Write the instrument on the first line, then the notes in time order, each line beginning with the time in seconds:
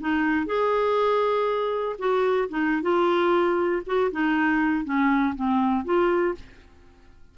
clarinet
0.00 D#4
0.46 G#4
1.98 F#4
2.49 D#4
2.82 F4
3.86 F#4
4.11 D#4
4.85 C#4
5.35 C4
5.84 F4